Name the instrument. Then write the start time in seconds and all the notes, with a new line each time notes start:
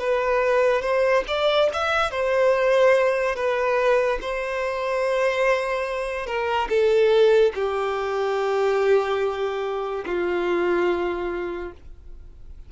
violin
0.00 B4
0.82 C5
1.28 D5
1.73 E5
2.11 C5
3.36 B4
4.22 C5
6.27 A#4
6.69 A4
7.55 G4
10.06 F4